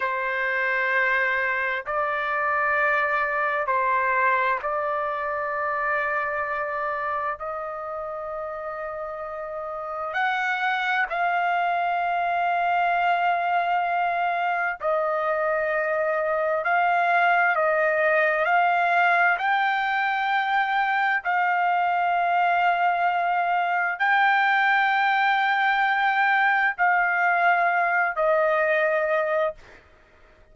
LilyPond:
\new Staff \with { instrumentName = "trumpet" } { \time 4/4 \tempo 4 = 65 c''2 d''2 | c''4 d''2. | dis''2. fis''4 | f''1 |
dis''2 f''4 dis''4 | f''4 g''2 f''4~ | f''2 g''2~ | g''4 f''4. dis''4. | }